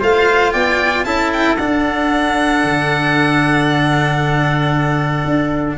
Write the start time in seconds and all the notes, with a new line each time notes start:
0.00 A3 F4 C5 F5
0.53 B3 D5 G5
1.05 C#4 E4 A4 A5
1.33 G5
1.57 D4 F#5
2.64 D3
5.25 D4